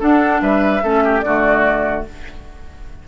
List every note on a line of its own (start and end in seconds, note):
0.00 0.82 D4
0.00 0.42 D4
0.00 0.41 A4
0.00 0.42 F#5
0.42 0.83 G3
0.42 0.83 B4
0.42 1.21 E5
0.83 1.24 A3
0.83 1.24 C#4
0.83 1.04 A4
1.04 1.25 G4
1.21 2.06 D3
1.21 2.08 A3
1.21 2.08 F#4
1.21 2.03 D5